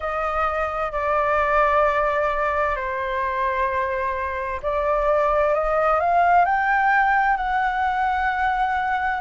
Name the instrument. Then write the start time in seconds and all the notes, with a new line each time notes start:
flute
0.00 D#5
0.92 D5
2.76 C5
4.62 D5
5.53 D#5
6.00 F5
6.44 G5
7.36 F#5